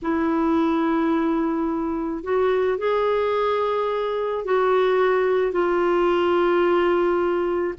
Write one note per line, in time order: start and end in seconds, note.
0.02 2.23 E4
2.23 2.78 F#4
2.78 4.44 G#4
4.44 5.52 F#4
5.52 7.74 F4